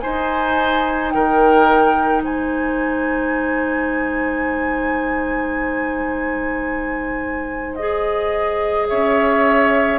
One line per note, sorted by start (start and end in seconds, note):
0.00 7.79 D#4
0.00 1.15 D#4
0.00 1.14 C5
0.00 1.11 G#5
1.11 2.24 D#3
1.11 2.24 A#4
1.11 2.22 G5
2.24 8.90 G#3
2.24 8.90 C5
2.24 7.76 G#5
7.76 9.99 G#4
7.76 8.87 D#5
8.89 9.99 C#4
8.89 9.99 C#5
8.89 9.99 E5